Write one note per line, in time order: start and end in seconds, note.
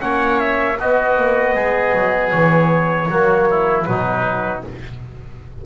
0.00 0.79 A#3
0.00 0.77 C#4
0.00 0.79 C#5
0.00 0.40 F#5
0.40 0.78 E5
0.79 1.17 B3
0.79 3.10 B3
0.79 1.55 F#4
0.79 2.31 D#5
1.17 1.55 A#3
1.55 1.93 G#3
1.55 3.09 G#4
1.94 2.33 F#3
2.31 3.09 E3
2.31 3.85 C#5
3.09 3.86 F#3
3.09 3.85 A#3
3.09 3.49 F#4
3.50 3.89 E4
3.85 4.65 B2
3.85 4.62 F#3
3.85 4.66 D#4
3.85 4.62 B4